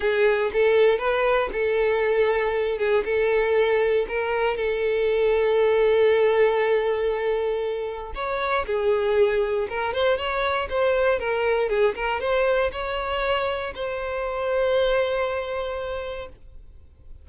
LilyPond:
\new Staff \with { instrumentName = "violin" } { \time 4/4 \tempo 4 = 118 gis'4 a'4 b'4 a'4~ | a'4. gis'8 a'2 | ais'4 a'2.~ | a'1 |
cis''4 gis'2 ais'8 c''8 | cis''4 c''4 ais'4 gis'8 ais'8 | c''4 cis''2 c''4~ | c''1 | }